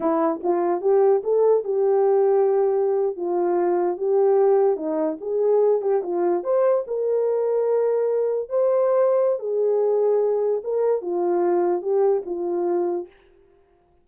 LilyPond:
\new Staff \with { instrumentName = "horn" } { \time 4/4 \tempo 4 = 147 e'4 f'4 g'4 a'4 | g'2.~ g'8. f'16~ | f'4.~ f'16 g'2 dis'16~ | dis'8. gis'4. g'8 f'4 c''16~ |
c''8. ais'2.~ ais'16~ | ais'8. c''2~ c''16 gis'4~ | gis'2 ais'4 f'4~ | f'4 g'4 f'2 | }